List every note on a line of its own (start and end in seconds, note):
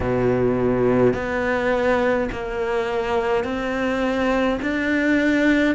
0.00 1.13 B2
1.13 2.29 B3
2.31 3.44 A#3
3.44 4.59 C4
4.62 5.75 D4